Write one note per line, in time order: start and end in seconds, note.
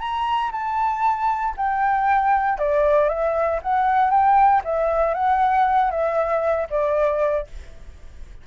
0.00 0.51 A#5
0.52 1.55 A5
1.57 2.59 G5
2.59 3.09 D5
3.09 3.60 E5
3.63 4.11 F#5
4.11 4.62 G5
4.65 5.15 E5
5.15 5.91 F#5
5.91 6.68 E5
6.70 7.47 D5